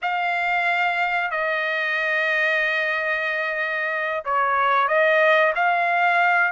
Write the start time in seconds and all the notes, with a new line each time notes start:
0.02 F5
1.30 D#5
4.24 C#5
4.88 D#5
5.55 F5